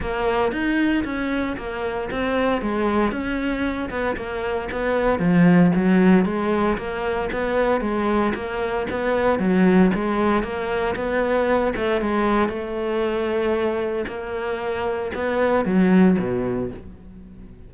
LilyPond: \new Staff \with { instrumentName = "cello" } { \time 4/4 \tempo 4 = 115 ais4 dis'4 cis'4 ais4 | c'4 gis4 cis'4. b8 | ais4 b4 f4 fis4 | gis4 ais4 b4 gis4 |
ais4 b4 fis4 gis4 | ais4 b4. a8 gis4 | a2. ais4~ | ais4 b4 fis4 b,4 | }